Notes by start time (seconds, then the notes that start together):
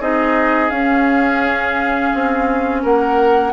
0.00 C4 D#4 G#4 D#5
0.70 C#4 F5
2.14 C4
2.82 A#3 A#4 F#5